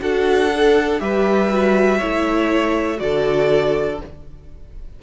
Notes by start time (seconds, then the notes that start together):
0.00 D4 F#4 A4 F#5
0.52 A4
0.99 G3 G4 B4 E5
1.50 F#4
1.98 A3 E4 C#5
2.97 D3 F#4 A4 D5